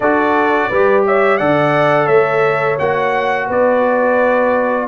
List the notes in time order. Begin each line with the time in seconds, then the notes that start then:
0.00 D4 F#4 A4 D5
0.69 G3 G4 B4
1.06 C#5 E5
1.37 D3 A4 D5 F#5
2.06 A3 C#5 E5
2.78 A#3 F#4 F#5
3.47 B3 B4 D5